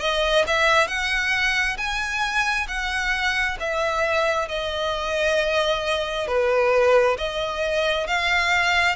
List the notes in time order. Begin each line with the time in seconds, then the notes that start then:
0.00 D#5
0.47 E5
0.88 F#5
1.77 G#5
2.68 F#5
3.60 E5
4.49 D#5
6.28 B4
7.18 D#5
8.07 F5